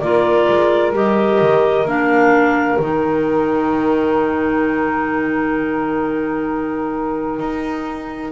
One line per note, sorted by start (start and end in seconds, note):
0.00 0.49 A#3
0.00 0.94 F4
0.00 8.32 A#4
0.00 0.92 D5
0.49 0.93 G#3
0.93 1.40 G3
0.93 1.86 G4
0.93 1.88 D#5
1.41 1.86 D#3
1.86 2.78 A#3
1.86 2.79 D4
1.86 2.79 F5
2.79 7.40 D#3
2.79 8.32 D#4
2.79 8.32 G5
7.40 8.32 D#4